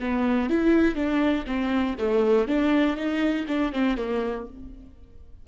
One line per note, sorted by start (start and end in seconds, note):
0.00 0.50 B3
0.50 0.95 E4
0.95 1.45 D4
1.47 1.96 C4
1.99 2.47 A3
2.47 2.96 D4
2.96 3.46 D#4
3.47 3.72 D4
3.72 3.97 C4
3.97 4.47 A#3